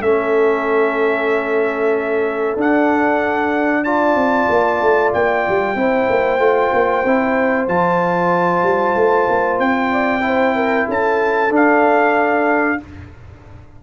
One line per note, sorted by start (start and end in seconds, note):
0.00 2.55 A3
0.00 2.58 C#4
0.00 3.84 A4
0.00 2.58 E5
2.56 4.15 D4
2.56 3.85 D4
2.56 3.84 F#5
3.84 5.76 F4
3.84 5.75 D5
3.84 5.12 A5
4.15 4.47 C4
4.49 4.81 A#3
4.82 5.14 A3
5.13 5.46 A#3
5.13 7.68 G5
5.48 5.76 G3
5.76 6.07 C4
5.76 6.39 E4
5.76 9.92 C5
6.09 6.39 A#3
6.39 6.71 A3
6.39 7.03 F4
6.73 7.04 A#3
7.04 7.68 C4
7.04 7.68 E4
7.68 8.63 F3
7.68 10.21 F4
7.68 9.60 A5
8.63 8.95 G3
8.96 9.28 A3
9.29 9.59 A#3
9.59 10.86 C4
9.59 10.87 G5
9.92 10.24 D5
10.21 11.49 E4
10.21 10.56 C5
10.56 10.87 A#4
10.88 11.50 C#4
10.88 12.80 A4
10.88 11.54 A5
11.50 12.78 D4
11.50 12.83 F5